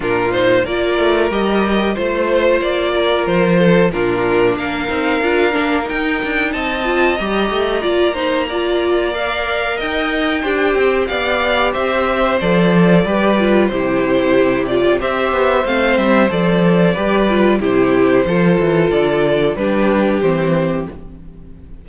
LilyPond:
<<
  \new Staff \with { instrumentName = "violin" } { \time 4/4 \tempo 4 = 92 ais'8 c''8 d''4 dis''4 c''4 | d''4 c''4 ais'4 f''4~ | f''4 g''4 a''4 ais''4~ | ais''2 f''4 g''4~ |
g''4 f''4 e''4 d''4~ | d''4 c''4. d''8 e''4 | f''8 e''8 d''2 c''4~ | c''4 d''4 b'4 c''4 | }
  \new Staff \with { instrumentName = "violin" } { \time 4/4 f'4 ais'2 c''4~ | c''8 ais'4 a'8 f'4 ais'4~ | ais'2 dis''2 | d''8 c''8 d''2 dis''4 |
g'4 d''4 c''2 | b'4 g'2 c''4~ | c''2 b'4 g'4 | a'2 g'2 | }
  \new Staff \with { instrumentName = "viola" } { \time 4/4 d'8 dis'8 f'4 g'4 f'4~ | f'2 d'4. dis'8 | f'8 d'8 dis'4. f'8 g'4 | f'8 dis'8 f'4 ais'2 |
c''4 g'2 a'4 | g'8 f'8 e'4. f'8 g'4 | c'4 a'4 g'8 f'8 e'4 | f'2 d'4 c'4 | }
  \new Staff \with { instrumentName = "cello" } { \time 4/4 ais,4 ais8 a8 g4 a4 | ais4 f4 ais,4 ais8 c'8 | d'8 ais8 dis'8 d'8 c'4 g8 a8 | ais2. dis'4 |
d'8 c'8 b4 c'4 f4 | g4 c2 c'8 b8 | a8 g8 f4 g4 c4 | f8 e8 d4 g4 e4 | }
>>